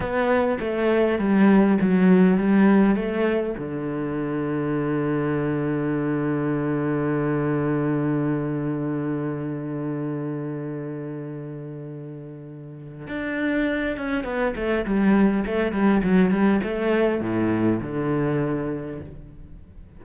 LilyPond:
\new Staff \with { instrumentName = "cello" } { \time 4/4 \tempo 4 = 101 b4 a4 g4 fis4 | g4 a4 d2~ | d1~ | d1~ |
d1~ | d2 d'4. cis'8 | b8 a8 g4 a8 g8 fis8 g8 | a4 a,4 d2 | }